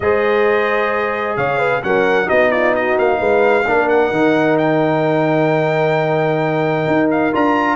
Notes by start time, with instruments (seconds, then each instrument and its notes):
0.00 tuba G#3, trombone G#4, horn C5, trumpet D#5
1.37 tuba C#3, horn C#5, trumpet F5
1.58 horn B4
1.82 tuba F#3, trombone C#4, horn A#4, trumpet F#5
2.25 tuba B3, trombone D#4, horn F#4, trumpet D#5
2.51 horn F4, trumpet D5
2.75 horn F#4, trumpet D#5
2.98 tuba A#3, trumpet F5
3.18 tuba G#3, horn B4
3.67 tuba A#3, trombone D4, horn A#4
3.88 trumpet F#5
4.11 tuba D#3, trombone D#4
4.57 trumpet G5
6.87 tuba D#4
7.10 trumpet F5
7.33 tuba D4, trombone F4, trumpet A#5